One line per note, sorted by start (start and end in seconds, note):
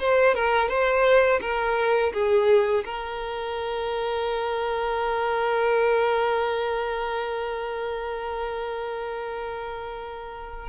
0.00 0.35 C5
0.35 0.69 A#4
0.69 1.40 C5
1.41 2.13 A#4
2.13 2.85 G#4
2.85 10.69 A#4